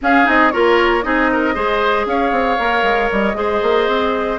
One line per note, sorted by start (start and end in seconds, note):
0.01 0.25 C#4
0.01 0.27 C#4
0.01 0.52 G#4
0.01 0.29 F5
0.25 0.53 C4
0.25 0.50 D#4
0.25 0.51 D#5
0.51 1.04 A#3
0.51 1.02 F4
0.51 1.04 A#4
0.51 1.02 C#5
1.02 1.56 C4
1.02 1.54 D#4
1.02 1.30 G#4
1.02 2.06 D#5
1.32 1.54 A#4
1.54 2.06 G#3
1.54 2.57 G#4
1.54 2.06 C5
2.06 2.31 C#4
2.06 3.37 C#5
2.06 3.10 F5
2.31 2.57 C4
2.58 2.83 A#3
2.58 3.34 A#4
2.83 3.08 G#3
3.12 3.34 G3
3.12 4.38 D#5
3.34 3.60 G#3
3.34 4.38 G#4
3.34 4.38 C5
3.62 3.87 A#3
3.87 4.38 C4